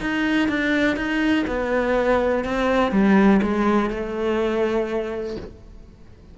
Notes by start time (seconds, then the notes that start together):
0.00 D#4
0.48 D4
0.96 D#4
1.47 B3
2.44 C4
2.91 G3
3.42 G#3
3.90 A3